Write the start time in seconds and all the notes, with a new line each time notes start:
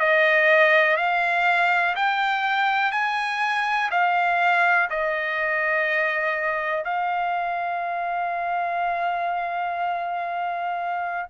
0.00 D#5
0.97 F5
1.96 G5
2.92 G#5
3.91 F5
4.90 D#5
6.85 F5